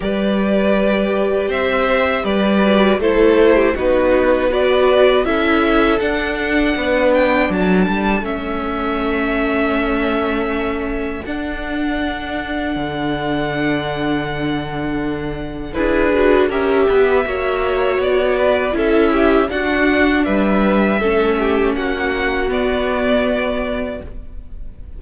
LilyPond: <<
  \new Staff \with { instrumentName = "violin" } { \time 4/4 \tempo 4 = 80 d''2 e''4 d''4 | c''4 b'4 d''4 e''4 | fis''4. g''8 a''4 e''4~ | e''2. fis''4~ |
fis''1~ | fis''4 b'4 e''2 | d''4 e''4 fis''4 e''4~ | e''4 fis''4 d''2 | }
  \new Staff \with { instrumentName = "violin" } { \time 4/4 b'2 c''4 b'4 | a'8. g'16 fis'4 b'4 a'4~ | a'4 b'4 a'2~ | a'1~ |
a'1~ | a'4 gis'4 ais'8 b'8 cis''4~ | cis''8 b'8 a'8 g'8 fis'4 b'4 | a'8 g'8 fis'2. | }
  \new Staff \with { instrumentName = "viola" } { \time 4/4 g'2.~ g'8 fis'8 | e'4 dis'4 fis'4 e'4 | d'2. cis'4~ | cis'2. d'4~ |
d'1~ | d'4 e'8 fis'8 g'4 fis'4~ | fis'4 e'4 d'2 | cis'2 b2 | }
  \new Staff \with { instrumentName = "cello" } { \time 4/4 g2 c'4 g4 | a4 b2 cis'4 | d'4 b4 fis8 g8 a4~ | a2. d'4~ |
d'4 d2.~ | d4 d'4 cis'8 b8 ais4 | b4 cis'4 d'4 g4 | a4 ais4 b2 | }
>>